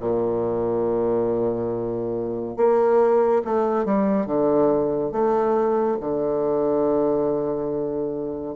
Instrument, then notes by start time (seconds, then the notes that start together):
bassoon
0.00 A#2
2.57 A#3
3.45 A3
3.85 G3
4.27 D3
5.12 A3
6.00 D3